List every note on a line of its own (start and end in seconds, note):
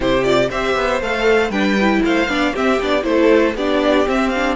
0.00 0.49 C3
0.00 0.23 E4
0.00 0.49 G4
0.00 0.24 C5
0.23 0.49 F4
0.23 0.49 D5
0.49 0.75 C4
0.49 1.01 G4
0.49 1.50 C5
0.49 1.02 E5
0.75 1.00 B3
1.00 1.49 A3
1.00 1.51 A4
1.00 1.51 F5
1.49 2.00 G3
1.49 1.77 D4
1.49 2.01 B4
1.49 2.02 G5
1.80 2.28 E4
2.04 2.27 A3
2.04 2.29 C5
2.04 2.55 F5
2.27 2.52 B3
2.27 2.53 D4
2.27 2.53 D5
2.53 2.80 C4
2.53 2.81 C4
2.53 3.04 G4
2.53 2.81 E5
2.81 3.04 B3
2.81 3.02 D4
2.81 3.03 D5
3.02 3.54 A3
3.02 3.53 E4
3.02 3.54 C5
3.08 3.56 A4
3.54 4.05 B3
3.54 4.06 D4
3.54 4.55 G4
3.54 4.08 D5
4.06 4.31 C4
4.06 4.55 C4
4.06 4.29 E5
4.29 4.55 D4
4.29 4.54 F5